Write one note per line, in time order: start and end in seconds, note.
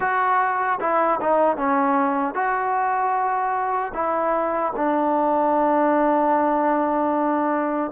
0.00 0.79 F#4
0.80 1.19 E4
1.21 1.56 D#4
1.56 2.34 C#4
2.34 3.92 F#4
3.94 4.73 E4
4.75 7.91 D4